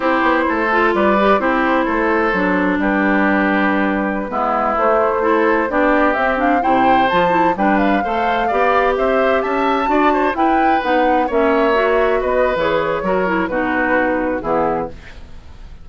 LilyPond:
<<
  \new Staff \with { instrumentName = "flute" } { \time 4/4 \tempo 4 = 129 c''2 d''4 c''4~ | c''2 b'2~ | b'2~ b'16 c''4.~ c''16~ | c''16 d''4 e''8 f''8 g''4 a''8.~ |
a''16 g''8 f''2~ f''8 e''8.~ | e''16 a''2 g''4 fis''8.~ | fis''16 e''2 dis''8. cis''4~ | cis''4 b'2 gis'4 | }
  \new Staff \with { instrumentName = "oboe" } { \time 4/4 g'4 a'4 b'4 g'4 | a'2 g'2~ | g'4~ g'16 e'2 a'8.~ | a'16 g'2 c''4.~ c''16~ |
c''16 b'4 c''4 d''4 c''8.~ | c''16 e''4 d''8 c''8 b'4.~ b'16~ | b'16 cis''2 b'4.~ b'16 | ais'4 fis'2 e'4 | }
  \new Staff \with { instrumentName = "clarinet" } { \time 4/4 e'4. f'4 g'8 e'4~ | e'4 d'2.~ | d'4~ d'16 b4 a4 e'8.~ | e'16 d'4 c'8 d'8 e'4 f'8 e'16~ |
e'16 d'4 a'4 g'4.~ g'16~ | g'4~ g'16 fis'4 e'4 dis'8.~ | dis'16 cis'4 fis'4.~ fis'16 gis'4 | fis'8 e'8 dis'2 b4 | }
  \new Staff \with { instrumentName = "bassoon" } { \time 4/4 c'8 b8 a4 g4 c'4 | a4 fis4 g2~ | g4~ g16 gis4 a4.~ a16~ | a16 b4 c'4 c4 f8.~ |
f16 g4 a4 b4 c'8.~ | c'16 cis'4 d'4 e'4 b8.~ | b16 ais2 b8. e4 | fis4 b,2 e4 | }
>>